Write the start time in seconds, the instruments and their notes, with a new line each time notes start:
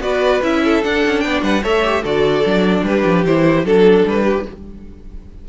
0.00 cello B3, viola F#4, violin B4 D5
0.42 cello C#4, viola E4, violin E5
0.64 violin A4
0.83 viola D4, cello D4, violin F#5
1.05 cello C#4
1.20 cello B3, violin D5 G5
1.42 cello G3, violin B4 F#5
1.63 cello A3, viola A4, violin C#5 E5
1.83 viola G4
2.03 cello D3, viola F#4, violin A4 D5
2.45 cello F#3, viola D4
2.83 cello G3, violin G4 B4
3.05 cello F3
3.25 cello E3, viola E4, violin C5
3.64 cello F#3, viola D4, violin A4
4.05 cello G3, violin B4
4.24 violin G4